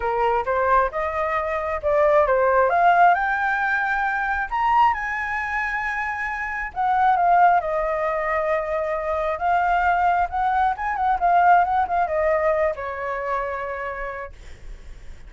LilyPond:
\new Staff \with { instrumentName = "flute" } { \time 4/4 \tempo 4 = 134 ais'4 c''4 dis''2 | d''4 c''4 f''4 g''4~ | g''2 ais''4 gis''4~ | gis''2. fis''4 |
f''4 dis''2.~ | dis''4 f''2 fis''4 | gis''8 fis''8 f''4 fis''8 f''8 dis''4~ | dis''8 cis''2.~ cis''8 | }